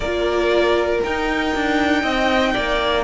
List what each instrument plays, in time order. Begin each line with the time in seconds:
0.00 cello A#3, viola F4, violin A#4 D5
1.03 viola D#4, cello D#4, violin G5
1.55 cello D4
2.02 cello C4, violin D#5
2.53 cello A#3, violin D5